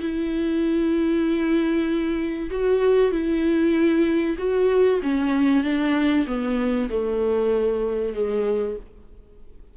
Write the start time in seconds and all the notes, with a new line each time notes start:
0.00 E4
2.50 F#4
3.11 E4
4.38 F#4
5.02 C#4
5.64 D4
6.27 B3
6.89 A3
8.14 G#3